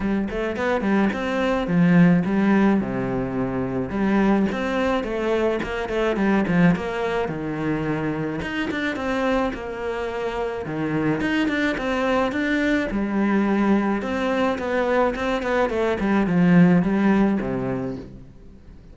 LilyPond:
\new Staff \with { instrumentName = "cello" } { \time 4/4 \tempo 4 = 107 g8 a8 b8 g8 c'4 f4 | g4 c2 g4 | c'4 a4 ais8 a8 g8 f8 | ais4 dis2 dis'8 d'8 |
c'4 ais2 dis4 | dis'8 d'8 c'4 d'4 g4~ | g4 c'4 b4 c'8 b8 | a8 g8 f4 g4 c4 | }